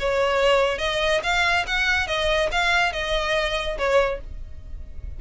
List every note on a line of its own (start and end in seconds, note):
0.00 0.79 C#5
0.79 1.21 D#5
1.24 1.66 F5
1.67 2.08 F#5
2.08 2.50 D#5
2.52 2.93 F5
2.93 3.78 D#5
3.78 4.21 C#5